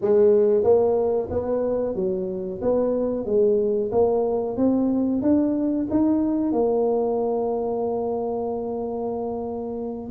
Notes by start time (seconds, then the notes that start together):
0.01 G#3
0.63 A#3
1.30 B3
1.95 F#3
2.61 B3
3.25 G#3
3.91 A#3
4.57 C4
5.22 D4
5.90 D#4
6.52 A#3